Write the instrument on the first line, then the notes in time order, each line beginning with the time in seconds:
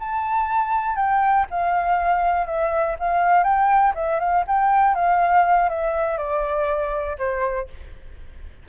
flute
0.00 A5
0.97 G5
1.51 F5
2.47 E5
3.00 F5
3.44 G5
3.96 E5
4.20 F5
4.48 G5
4.95 F5
5.70 E5
6.18 D5
7.19 C5